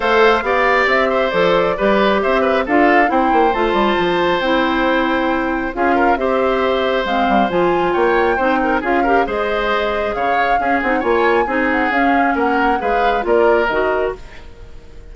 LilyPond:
<<
  \new Staff \with { instrumentName = "flute" } { \time 4/4 \tempo 4 = 136 f''2 e''4 d''4~ | d''4 e''4 f''4 g''4 | a''2 g''2~ | g''4 f''4 e''2 |
f''4 gis''4 g''2 | f''4 dis''2 f''4~ | f''8 fis''8 gis''4. fis''8 f''4 | fis''4 f''4 d''4 dis''4 | }
  \new Staff \with { instrumentName = "oboe" } { \time 4/4 c''4 d''4. c''4. | b'4 c''8 b'8 a'4 c''4~ | c''1~ | c''4 gis'8 ais'8 c''2~ |
c''2 cis''4 c''8 ais'8 | gis'8 ais'8 c''2 cis''4 | gis'4 cis''4 gis'2 | ais'4 b'4 ais'2 | }
  \new Staff \with { instrumentName = "clarinet" } { \time 4/4 a'4 g'2 a'4 | g'2 f'4 e'4 | f'2 e'2~ | e'4 f'4 g'2 |
c'4 f'2 dis'4 | f'8 g'8 gis'2. | cis'8 dis'8 f'4 dis'4 cis'4~ | cis'4 gis'4 f'4 fis'4 | }
  \new Staff \with { instrumentName = "bassoon" } { \time 4/4 a4 b4 c'4 f4 | g4 c'4 d'4 c'8 ais8 | a8 g8 f4 c'2~ | c'4 cis'4 c'2 |
gis8 g8 f4 ais4 c'4 | cis'4 gis2 cis4 | cis'8 c'8 ais4 c'4 cis'4 | ais4 gis4 ais4 dis4 | }
>>